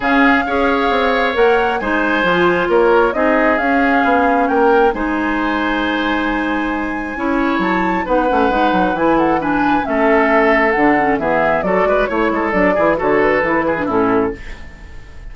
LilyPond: <<
  \new Staff \with { instrumentName = "flute" } { \time 4/4 \tempo 4 = 134 f''2. fis''4 | gis''2 cis''4 dis''4 | f''2 g''4 gis''4~ | gis''1~ |
gis''4 a''4 fis''2 | gis''8 fis''8 gis''4 e''2 | fis''4 e''4 d''4 cis''4 | d''4 cis''8 b'4. a'4 | }
  \new Staff \with { instrumentName = "oboe" } { \time 4/4 gis'4 cis''2. | c''2 ais'4 gis'4~ | gis'2 ais'4 c''4~ | c''1 |
cis''2 b'2~ | b'8 a'8 b'4 a'2~ | a'4 gis'4 a'8 b'8 cis''8 a'8~ | a'8 gis'8 a'4. gis'8 e'4 | }
  \new Staff \with { instrumentName = "clarinet" } { \time 4/4 cis'4 gis'2 ais'4 | dis'4 f'2 dis'4 | cis'2. dis'4~ | dis'1 |
e'2 dis'8 cis'8 dis'4 | e'4 d'4 cis'2 | d'8 cis'8 b4 fis'4 e'4 | d'8 e'8 fis'4 e'8. d'16 cis'4 | }
  \new Staff \with { instrumentName = "bassoon" } { \time 4/4 cis4 cis'4 c'4 ais4 | gis4 f4 ais4 c'4 | cis'4 b4 ais4 gis4~ | gis1 |
cis'4 fis4 b8 a8 gis8 fis8 | e2 a2 | d4 e4 fis8 gis8 a8 gis8 | fis8 e8 d4 e4 a,4 | }
>>